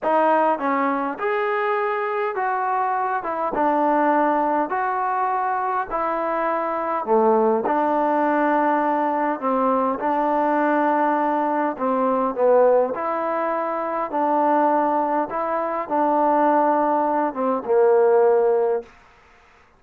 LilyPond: \new Staff \with { instrumentName = "trombone" } { \time 4/4 \tempo 4 = 102 dis'4 cis'4 gis'2 | fis'4. e'8 d'2 | fis'2 e'2 | a4 d'2. |
c'4 d'2. | c'4 b4 e'2 | d'2 e'4 d'4~ | d'4. c'8 ais2 | }